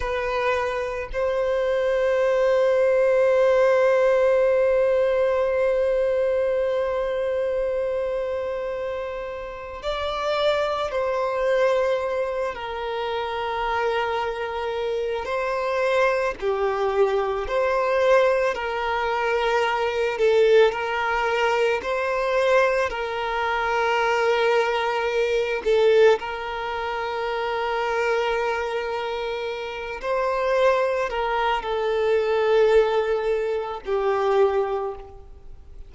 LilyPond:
\new Staff \with { instrumentName = "violin" } { \time 4/4 \tempo 4 = 55 b'4 c''2.~ | c''1~ | c''4 d''4 c''4. ais'8~ | ais'2 c''4 g'4 |
c''4 ais'4. a'8 ais'4 | c''4 ais'2~ ais'8 a'8 | ais'2.~ ais'8 c''8~ | c''8 ais'8 a'2 g'4 | }